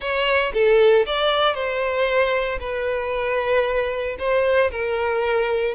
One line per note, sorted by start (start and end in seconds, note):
0.00 0.52 C#5
0.53 1.05 A4
1.06 1.54 D5
1.54 2.58 C5
2.60 4.16 B4
4.18 4.71 C5
4.71 5.74 A#4